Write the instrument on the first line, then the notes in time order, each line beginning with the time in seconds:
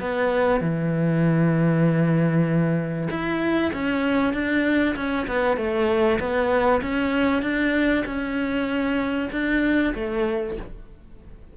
cello
0.00 B3
0.61 E3
3.11 E4
3.73 C#4
4.34 D4
4.96 C#4
5.28 B3
5.58 A3
6.20 B3
6.82 C#4
7.43 D4
8.06 C#4
9.32 D4
9.95 A3